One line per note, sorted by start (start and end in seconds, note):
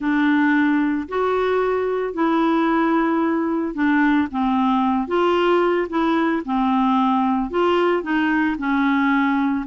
0.00 1.07 D4
1.08 2.13 F#4
2.13 3.74 E4
3.74 4.27 D4
4.31 5.07 C4
5.07 5.87 F4
5.89 6.42 E4
6.45 7.50 C4
7.50 8.03 F4
8.03 8.56 D#4
8.58 9.65 C#4